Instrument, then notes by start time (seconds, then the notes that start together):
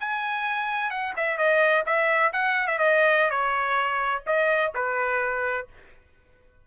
trumpet
0.00 G#5
0.91 F#5
1.16 E5
1.38 D#5
1.86 E5
2.33 F#5
2.67 E5
2.78 D#5
3.30 C#5
4.27 D#5
4.75 B4